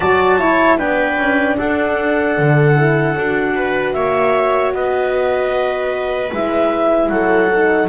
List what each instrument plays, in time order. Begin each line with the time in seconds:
0.00 double bass F#3, horn F#4, viola D5, clarinet A5
0.39 horn E4, viola C#5
0.77 double bass B3, horn D4, viola B4, clarinet G5
1.17 double bass C#4
1.57 double bass D4, viola A4, clarinet F#5
2.38 double bass D3
2.76 horn E4
3.15 double bass D4, horn F#4
3.55 viola B4
3.93 double bass A#3, viola C#5, clarinet E5
4.72 double bass B3, viola B4, clarinet D#5
6.32 double bass G#3, horn E4, clarinet E5
7.08 double bass F#3, viola A4, clarinet F#5
7.53 horn D#4